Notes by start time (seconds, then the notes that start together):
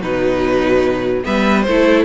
0.00 B2 F#3 D#4 B4
1.24 G3 B3 B4 E5
1.62 A3 A4 C5
1.69 E4